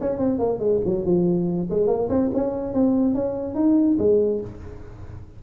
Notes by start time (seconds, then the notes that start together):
0.00 C#4
0.18 C4
0.39 A#3
0.59 G#3
0.85 F#3
1.05 F3
1.70 G#3
1.87 A#3
2.09 C4
2.34 C#4
2.73 C4
3.14 C#4
3.55 D#4
3.98 G#3